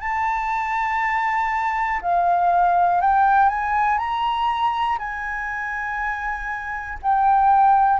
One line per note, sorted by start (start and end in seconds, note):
0.00 2.00 A5
2.01 3.01 F5
3.01 3.49 G5
3.49 3.98 G#5
3.98 4.98 A#5
4.99 6.99 G#5
7.02 8.00 G5